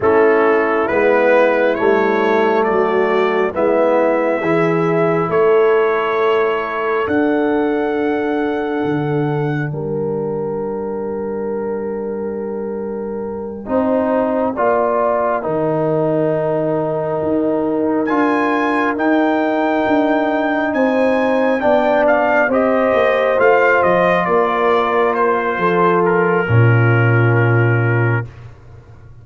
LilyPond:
<<
  \new Staff \with { instrumentName = "trumpet" } { \time 4/4 \tempo 4 = 68 a'4 b'4 cis''4 d''4 | e''2 cis''2 | fis''2. g''4~ | g''1~ |
g''1~ | g''8 gis''4 g''2 gis''8~ | gis''8 g''8 f''8 dis''4 f''8 dis''8 d''8~ | d''8 c''4 ais'2~ ais'8 | }
  \new Staff \with { instrumentName = "horn" } { \time 4/4 e'2. fis'4 | e'4 gis'4 a'2~ | a'2. ais'4~ | ais'2.~ ais'8 c''8~ |
c''8 d''4 ais'2~ ais'8~ | ais'2.~ ais'8 c''8~ | c''8 d''4 c''2 ais'8~ | ais'4 a'4 f'2 | }
  \new Staff \with { instrumentName = "trombone" } { \time 4/4 cis'4 b4 a2 | b4 e'2. | d'1~ | d'2.~ d'8 dis'8~ |
dis'8 f'4 dis'2~ dis'8~ | dis'8 f'4 dis'2~ dis'8~ | dis'8 d'4 g'4 f'4.~ | f'2 cis'2 | }
  \new Staff \with { instrumentName = "tuba" } { \time 4/4 a4 gis4 g4 fis4 | gis4 e4 a2 | d'2 d4 g4~ | g2.~ g8 c'8~ |
c'8 ais4 dis2 dis'8~ | dis'8 d'4 dis'4 d'4 c'8~ | c'8 b4 c'8 ais8 a8 f8 ais8~ | ais4 f4 ais,2 | }
>>